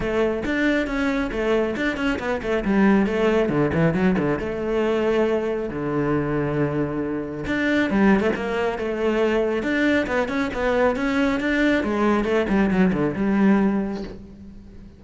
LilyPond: \new Staff \with { instrumentName = "cello" } { \time 4/4 \tempo 4 = 137 a4 d'4 cis'4 a4 | d'8 cis'8 b8 a8 g4 a4 | d8 e8 fis8 d8 a2~ | a4 d2.~ |
d4 d'4 g8. a16 ais4 | a2 d'4 b8 cis'8 | b4 cis'4 d'4 gis4 | a8 g8 fis8 d8 g2 | }